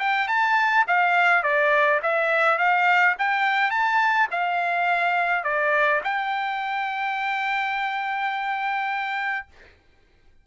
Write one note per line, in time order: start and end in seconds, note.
0.00 0.28 G5
0.28 0.85 A5
0.88 1.44 F5
1.44 2.01 D5
2.03 2.59 E5
2.59 3.16 F5
3.19 3.71 G5
3.71 4.28 A5
4.31 5.44 F5
5.44 6.02 D5
6.04 9.47 G5